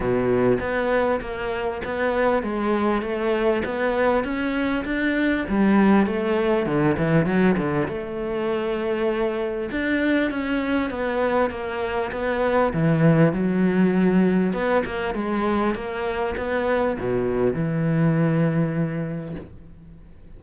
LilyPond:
\new Staff \with { instrumentName = "cello" } { \time 4/4 \tempo 4 = 99 b,4 b4 ais4 b4 | gis4 a4 b4 cis'4 | d'4 g4 a4 d8 e8 | fis8 d8 a2. |
d'4 cis'4 b4 ais4 | b4 e4 fis2 | b8 ais8 gis4 ais4 b4 | b,4 e2. | }